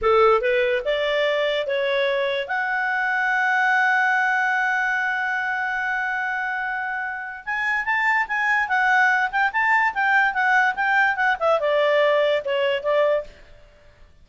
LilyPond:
\new Staff \with { instrumentName = "clarinet" } { \time 4/4 \tempo 4 = 145 a'4 b'4 d''2 | cis''2 fis''2~ | fis''1~ | fis''1~ |
fis''2 gis''4 a''4 | gis''4 fis''4. g''8 a''4 | g''4 fis''4 g''4 fis''8 e''8 | d''2 cis''4 d''4 | }